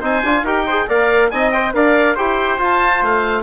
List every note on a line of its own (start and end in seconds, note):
0.00 0.23 C4
0.00 0.23 D#4
0.00 0.43 C5
0.00 0.47 G#5
0.24 0.43 D4
0.24 0.46 F4
0.43 0.86 D#4
0.43 0.67 G4
0.43 0.65 A#4
0.43 0.89 G5
0.66 0.88 G#4
0.66 0.87 C5
0.88 1.31 A#3
0.88 1.31 A#4
0.88 1.31 D5
0.88 1.31 F5
1.31 1.74 C4
1.31 1.54 D#4
1.31 1.74 D#5
1.31 1.51 G#5
1.51 1.74 C5
1.51 1.72 G5
1.74 2.17 D4
1.74 2.16 A#4
1.74 2.15 D5
1.74 2.17 F5
2.15 2.58 E4
2.15 2.59 G4
2.15 3.43 C5
2.15 2.60 G5
2.58 3.01 F4
2.58 3.43 F4
2.58 3.04 A5
3.02 3.43 A3
3.02 3.43 F5